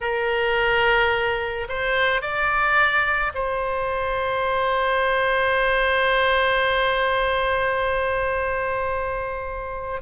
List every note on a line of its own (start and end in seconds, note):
0.01 1.67 A#4
1.68 2.21 C5
2.21 3.32 D5
3.34 10.01 C5